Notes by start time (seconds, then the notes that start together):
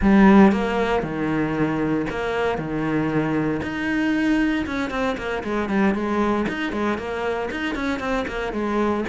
0.01 G3
0.52 A#3
1.02 D#3
2.09 A#3
2.57 D#3
3.62 D#4
4.66 C#4
4.90 C4
5.17 A#3
5.43 G#3
5.69 G3
5.94 G#3
6.48 D#4
6.72 G#3
6.98 A#3
7.50 D#4
7.75 C#4
7.99 C4
8.27 A#3
8.52 G#3